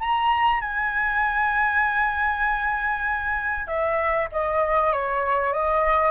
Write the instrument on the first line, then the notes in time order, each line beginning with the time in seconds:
flute
0.00 A#5
0.61 G#5
3.67 E5
4.32 D#5
4.93 C#5
5.53 D#5